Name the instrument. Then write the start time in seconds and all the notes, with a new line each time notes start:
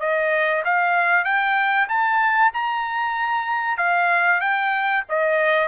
trumpet
0.00 D#5
0.65 F5
1.25 G5
1.89 A5
2.54 A#5
3.78 F5
4.41 G5
5.09 D#5